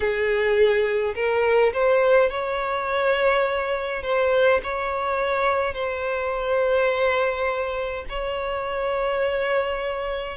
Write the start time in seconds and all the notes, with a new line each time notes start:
0.00 G#4
1.15 A#4
1.73 C5
2.30 C#5
4.02 C5
4.63 C#5
5.74 C5
8.09 C#5